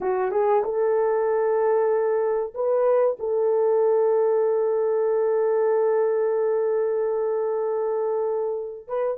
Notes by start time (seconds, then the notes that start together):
0.00 F#4
0.31 G#4
0.63 A4
2.54 B4
3.19 A4
8.87 B4